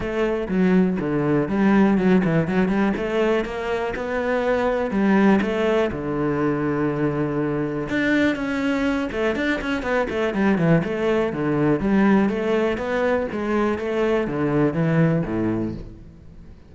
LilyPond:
\new Staff \with { instrumentName = "cello" } { \time 4/4 \tempo 4 = 122 a4 fis4 d4 g4 | fis8 e8 fis8 g8 a4 ais4 | b2 g4 a4 | d1 |
d'4 cis'4. a8 d'8 cis'8 | b8 a8 g8 e8 a4 d4 | g4 a4 b4 gis4 | a4 d4 e4 a,4 | }